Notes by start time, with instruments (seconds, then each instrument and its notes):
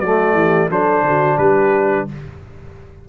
0.00 tuba F#3, trombone A3, horn F#4, trumpet D5
0.33 tuba E3, horn G4
0.70 tuba F#3, trombone D4, horn A4, trumpet C5
1.03 tuba D3, horn F#4
1.38 tuba G3, horn G4, trumpet B4